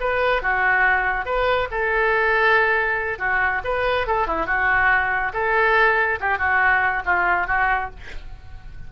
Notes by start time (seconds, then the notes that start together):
0.00 B4
0.42 F#4
1.25 B4
1.71 A4
3.19 F#4
3.64 B4
4.07 A4
4.26 E4
4.46 F#4
5.33 A4
6.20 G4
6.38 F#4
7.05 F4
7.47 F#4